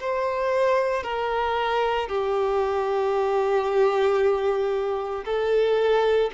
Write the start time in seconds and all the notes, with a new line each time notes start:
0.00 C5
1.03 A#4
2.09 G4
5.25 A4